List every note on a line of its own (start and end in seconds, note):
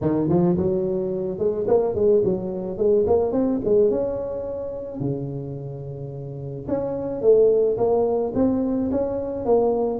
0.01 0.29 D#3
0.29 0.56 F3
0.57 1.38 F#3
1.38 1.66 G#3
1.67 1.94 A#3
1.94 2.22 G#3
2.24 2.77 F#3
2.77 3.05 G#3
3.06 3.32 A#3
3.32 3.60 C4
3.64 3.90 G#3
3.90 5.00 C#4
5.00 6.66 C#3
6.67 7.21 C#4
7.21 7.77 A3
7.77 8.33 A#3
8.35 8.90 C4
8.91 9.45 C#4
9.45 9.99 A#3